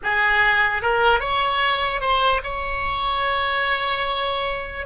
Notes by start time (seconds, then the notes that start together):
0.03 G#4
0.81 A#4
1.19 C#5
2.00 C5
2.43 C#5